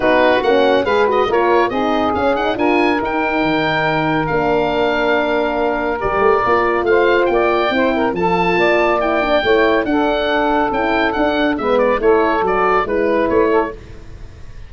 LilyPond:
<<
  \new Staff \with { instrumentName = "oboe" } { \time 4/4 \tempo 4 = 140 b'4 fis''4 f''8 dis''8 cis''4 | dis''4 f''8 fis''8 gis''4 g''4~ | g''2 f''2~ | f''2 d''2 |
f''4 g''2 a''4~ | a''4 g''2 fis''4~ | fis''4 g''4 fis''4 e''8 d''8 | cis''4 d''4 b'4 cis''4 | }
  \new Staff \with { instrumentName = "saxophone" } { \time 4/4 fis'2 b'4 ais'4 | gis'2 ais'2~ | ais'1~ | ais'1 |
c''4 d''4 c''8 ais'8 a'4 | d''2 cis''4 a'4~ | a'2. b'4 | a'2 b'4. a'8 | }
  \new Staff \with { instrumentName = "horn" } { \time 4/4 dis'4 cis'4 gis'8 fis'8 f'4 | dis'4 cis'8 dis'8 f'4 dis'4~ | dis'2 d'2~ | d'2 g'4 f'4~ |
f'2 e'4 f'4~ | f'4 e'8 d'8 e'4 d'4~ | d'4 e'4 d'4 b4 | e'4 fis'4 e'2 | }
  \new Staff \with { instrumentName = "tuba" } { \time 4/4 b4 ais4 gis4 ais4 | c'4 cis'4 d'4 dis'4 | dis2 ais2~ | ais2 g8 a8 ais4 |
a4 ais4 c'4 f4 | ais2 a4 d'4~ | d'4 cis'4 d'4 gis4 | a4 fis4 gis4 a4 | }
>>